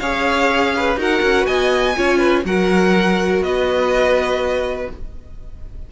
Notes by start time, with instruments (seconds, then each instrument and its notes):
0.00 cello C#4, viola G#4, violin C#5 F5
0.77 violin B4
0.97 cello D#4, viola F#4, violin A#4 F#5
1.23 cello C#4
1.46 cello B3, violin D#5 G#5
1.96 cello C#4, viola F4, violin C#5
2.18 violin B4
2.45 cello F#3, viola F#4, violin A#4 F#5
3.41 cello B3, violin B4 D#5